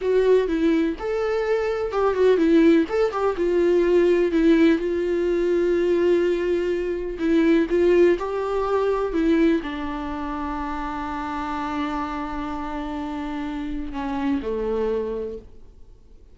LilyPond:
\new Staff \with { instrumentName = "viola" } { \time 4/4 \tempo 4 = 125 fis'4 e'4 a'2 | g'8 fis'8 e'4 a'8 g'8 f'4~ | f'4 e'4 f'2~ | f'2. e'4 |
f'4 g'2 e'4 | d'1~ | d'1~ | d'4 cis'4 a2 | }